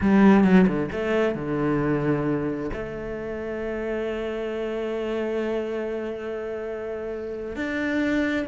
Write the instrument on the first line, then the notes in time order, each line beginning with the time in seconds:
cello
0.00 G3
0.43 F#3
0.67 D3
0.91 A3
1.35 D3
2.73 A3
7.56 D4